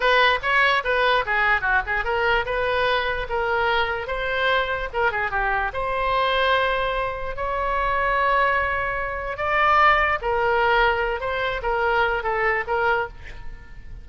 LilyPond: \new Staff \with { instrumentName = "oboe" } { \time 4/4 \tempo 4 = 147 b'4 cis''4 b'4 gis'4 | fis'8 gis'8 ais'4 b'2 | ais'2 c''2 | ais'8 gis'8 g'4 c''2~ |
c''2 cis''2~ | cis''2. d''4~ | d''4 ais'2~ ais'8 c''8~ | c''8 ais'4. a'4 ais'4 | }